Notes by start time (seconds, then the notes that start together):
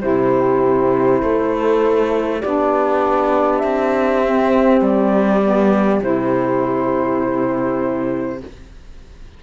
0.00 C3 E4 G4 C5
1.22 A3 A4
2.40 B3 D4 G4 D5
3.58 C4 E5
4.23 C4
4.81 G3 D5
5.43 B3
6.00 C3 E4 C5